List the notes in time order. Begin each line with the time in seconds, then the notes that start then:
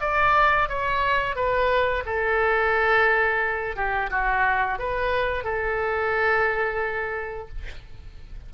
0.00 D5
0.68 C#5
1.35 B4
2.05 A4
3.76 G4
4.10 F#4
4.78 B4
5.44 A4